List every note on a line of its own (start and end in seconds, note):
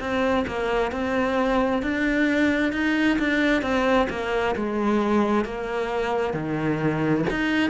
0.00 0.45 C4
0.48 0.92 A#3
0.92 1.83 C4
1.83 2.73 D4
2.73 3.18 D#4
3.19 3.62 D4
3.62 4.08 C4
4.10 4.55 A#3
4.56 5.45 G#3
5.45 6.34 A#3
6.34 7.25 D#3
7.30 7.71 D#4